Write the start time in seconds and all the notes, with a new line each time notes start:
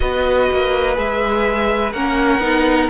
0.00 B3 F#4 B4 D#5
0.51 A#3
0.94 G#3 G#4 E5
1.92 A#3 C#4 A#4 F#5
2.38 B3 D#4